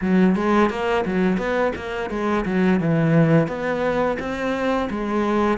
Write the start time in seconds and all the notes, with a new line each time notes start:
0.01 F#3
0.35 G#3
0.69 A#3
1.05 F#3
1.37 B3
1.75 A#3
2.09 G#3
2.45 F#3
2.79 E3
3.47 B3
4.19 C4
4.90 G#3